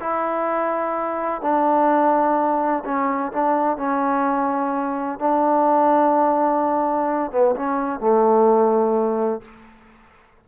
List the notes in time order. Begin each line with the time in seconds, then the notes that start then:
0.00 E4
1.41 D4
2.84 C#4
3.32 D4
3.77 C#4
5.19 D4
7.31 B3
7.55 C#4
8.00 A3